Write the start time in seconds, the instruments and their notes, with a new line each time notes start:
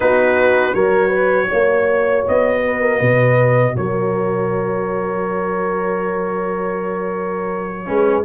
0.00 tuba B3, trombone D#4, horn F#4, trumpet B4
0.73 tuba F#3, trombone F#4, horn A#4, trumpet C#5
1.08 horn B4
1.48 tuba A#3, horn C#5
2.27 tuba B3, trumpet D#5
2.65 horn B4
2.80 horn A#4
2.99 tuba B2, horn B4
3.76 tuba F#3, horn A#4, trumpet C#5
7.85 tuba G#3, trombone C#4, horn B4